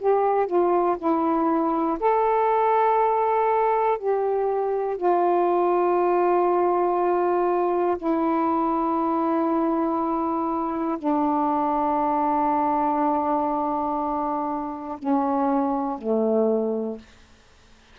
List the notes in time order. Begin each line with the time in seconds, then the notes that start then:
0.00 G4
0.47 F4
0.99 E4
2.00 A4
3.98 G4
4.97 F4
7.98 E4
10.98 D4
14.99 C#4
15.98 A3